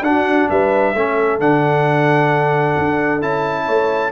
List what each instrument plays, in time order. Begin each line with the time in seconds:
0.00 tuba D4, trombone D4, horn F#4, trumpet F#5
0.49 tuba G3, horn B4, trumpet E5
0.94 tuba A3, trombone C#4, horn A4
1.39 tuba D3, trombone D4, trumpet F#5
2.78 tuba D4
3.21 tuba C#4, trombone E4, trumpet A5
3.65 tuba A3, horn C#5